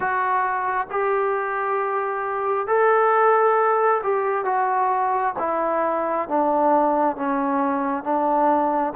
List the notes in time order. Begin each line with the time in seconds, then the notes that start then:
0.00 F#4
0.90 G4
2.67 A4
4.03 G4
4.44 F#4
5.39 E4
6.28 D4
7.16 C#4
8.03 D4